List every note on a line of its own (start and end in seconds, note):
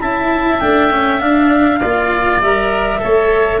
0.00 0.60 C#4
0.00 0.60 E4
0.00 1.79 E5
0.00 0.59 A5
0.59 1.20 A3
0.59 0.90 D4
0.59 1.19 G5
0.90 1.20 C#4
1.19 1.80 D4
1.19 2.39 F5
1.79 2.41 A#3
1.79 2.42 F4
1.79 3.00 D5
2.41 3.01 G3
2.41 2.99 A#4
2.41 3.60 E5
2.99 3.60 A3
2.99 3.59 A4
2.99 3.60 C#5